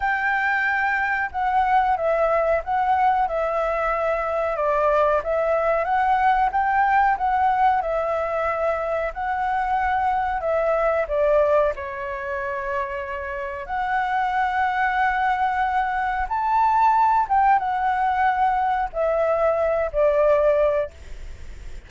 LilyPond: \new Staff \with { instrumentName = "flute" } { \time 4/4 \tempo 4 = 92 g''2 fis''4 e''4 | fis''4 e''2 d''4 | e''4 fis''4 g''4 fis''4 | e''2 fis''2 |
e''4 d''4 cis''2~ | cis''4 fis''2.~ | fis''4 a''4. g''8 fis''4~ | fis''4 e''4. d''4. | }